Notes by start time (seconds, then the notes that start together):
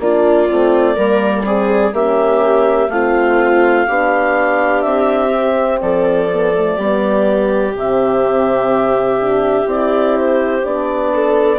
0.00 A#3 D4 F4 D5
0.48 A3 C4
0.96 G3 A#3 A#4
1.44 C4 G#4
1.93 A#3 C#4 G4 E5
2.90 A3 C4 F4 F5
3.87 B3 D4 G4
4.82 C4 E5
5.33 C4
5.82 F3 A4 D5
6.33 B3
6.55 A3
6.77 G3 B3 G4
7.73 C3 C4 E5
9.21 D4
9.66 C4 E4 D5
10.18 C5
10.64 B3 D4 D5
11.14 A4